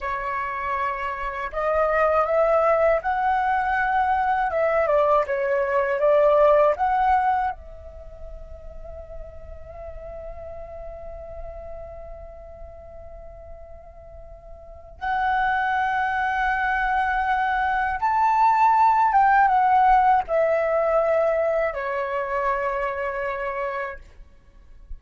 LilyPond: \new Staff \with { instrumentName = "flute" } { \time 4/4 \tempo 4 = 80 cis''2 dis''4 e''4 | fis''2 e''8 d''8 cis''4 | d''4 fis''4 e''2~ | e''1~ |
e''1 | fis''1 | a''4. g''8 fis''4 e''4~ | e''4 cis''2. | }